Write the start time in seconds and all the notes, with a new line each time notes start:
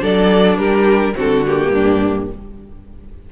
0.00 F#3 D4 A4 D5
0.58 G3 G4 A#4
1.15 D3 C4 F#4 A4
1.46 A#3 G4
1.70 G2 D4